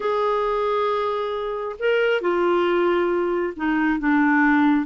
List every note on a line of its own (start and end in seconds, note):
0.00 1.76 G#4
1.79 2.21 A#4
2.21 3.53 F4
3.56 3.99 D#4
3.99 4.86 D4